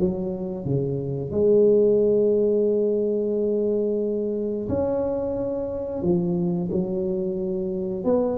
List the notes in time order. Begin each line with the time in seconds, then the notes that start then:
0.00 F#3
0.66 C#3
1.31 G#3
4.69 C#4
6.02 F3
6.72 F#3
8.04 B3